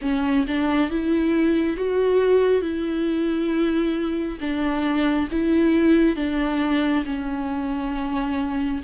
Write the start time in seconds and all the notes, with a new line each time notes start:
0.01 C#4
0.47 D4
0.90 E4
1.76 F#4
2.61 E4
4.40 D4
5.31 E4
6.16 D4
7.05 C#4